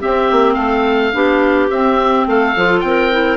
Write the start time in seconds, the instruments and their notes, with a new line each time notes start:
0.00 clarinet C4 G4, bassoon C4, oboe E5
0.32 bassoon A#3
0.54 bassoon A3, clarinet A4, oboe F5
1.13 bassoon B3, clarinet D4 G4
1.70 bassoon C4, clarinet C4, oboe E5
2.27 bassoon A3, clarinet A4, oboe F5
2.56 bassoon F3, clarinet F4
2.80 bassoon C4, oboe G5
2.86 clarinet A#4
3.12 clarinet E4